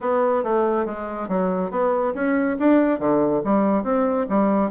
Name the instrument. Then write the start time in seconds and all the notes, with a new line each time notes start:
bassoon
0.00 B3
0.43 A3
0.85 G#3
1.28 F#3
1.70 B3
2.14 C#4
2.59 D4
2.99 D3
3.44 G3
3.83 C4
4.29 G3